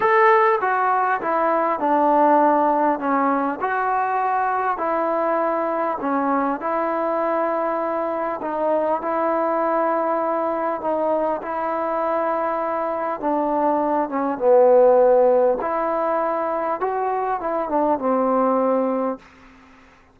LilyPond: \new Staff \with { instrumentName = "trombone" } { \time 4/4 \tempo 4 = 100 a'4 fis'4 e'4 d'4~ | d'4 cis'4 fis'2 | e'2 cis'4 e'4~ | e'2 dis'4 e'4~ |
e'2 dis'4 e'4~ | e'2 d'4. cis'8 | b2 e'2 | fis'4 e'8 d'8 c'2 | }